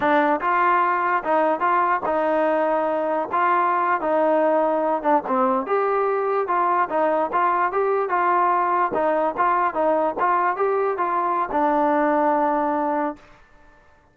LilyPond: \new Staff \with { instrumentName = "trombone" } { \time 4/4 \tempo 4 = 146 d'4 f'2 dis'4 | f'4 dis'2. | f'4.~ f'16 dis'2~ dis'16~ | dis'16 d'8 c'4 g'2 f'16~ |
f'8. dis'4 f'4 g'4 f'16~ | f'4.~ f'16 dis'4 f'4 dis'16~ | dis'8. f'4 g'4 f'4~ f'16 | d'1 | }